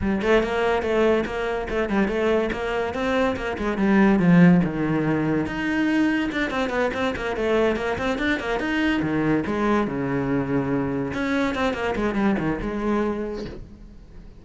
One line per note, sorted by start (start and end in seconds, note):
0.01 0.22 G3
0.22 0.43 A3
0.43 0.82 A#3
0.82 1.24 A3
1.25 1.67 A#3
1.69 1.89 A3
1.89 2.08 G3
2.08 2.50 A3
2.52 2.94 A#3
2.94 3.36 C4
3.36 3.57 A#3
3.58 3.77 G#3
3.77 4.19 G3
4.19 4.61 F3
4.64 5.45 D#3
5.45 6.29 D#4
6.31 6.50 D4
6.50 6.69 C4
6.69 6.90 B3
6.93 7.14 C4
7.16 7.36 A#3
7.36 7.76 A3
7.76 7.97 A#3
7.98 8.18 C4
8.18 8.39 D4
8.39 8.59 A#3
8.59 9.01 D#4
9.02 9.43 D#3
9.46 9.87 G#3
9.87 11.13 C#3
11.13 11.55 C#4
11.55 11.73 C4
11.73 11.94 A#3
11.95 12.14 G#3
12.14 12.35 G3
12.38 12.59 D#3
12.61 13.45 G#3